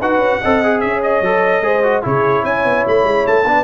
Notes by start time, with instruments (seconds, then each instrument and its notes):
0.00 tuba D#4, trombone F#4, horn B4, trumpet F#5
0.18 tuba C#4
0.41 tuba C4, trombone A4, horn D#5
0.63 trombone G#4
0.80 tuba C#4, horn C#5, trumpet E5
1.03 trumpet D#5
1.21 tuba F#3, trombone A4
1.61 tuba G#3, trombone G#4, horn C5
1.83 trombone F#4
2.02 tuba C#3, trombone E4, horn G#4, trumpet C#5
2.43 tuba C#4, horn C#5, trumpet G#5
2.64 tuba B3
2.87 tuba A3, trumpet B5
3.04 tuba G#3
3.26 tuba A3, trumpet A5
3.44 tuba B3, trombone D4, horn B4